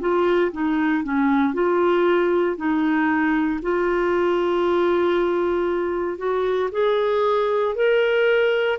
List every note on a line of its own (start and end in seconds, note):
0.00 0.52 F4
0.52 1.04 D#4
1.04 1.54 C#4
1.54 2.57 F4
2.57 3.60 D#4
3.62 6.18 F4
6.18 6.70 F#4
6.71 7.75 G#4
7.75 8.78 A#4